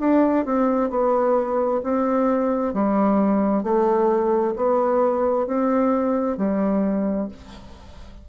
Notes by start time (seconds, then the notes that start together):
0.00 D4
0.45 C4
0.90 B3
1.83 C4
2.74 G3
3.64 A3
4.56 B3
5.47 C4
6.38 G3